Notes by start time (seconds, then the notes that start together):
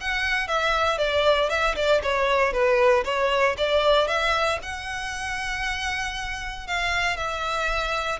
0.00 F#5
0.47 E5
0.98 D5
1.49 E5
1.75 D5
2.03 C#5
2.52 B4
3.04 C#5
3.57 D5
4.07 E5
4.62 F#5
6.67 F5
7.17 E5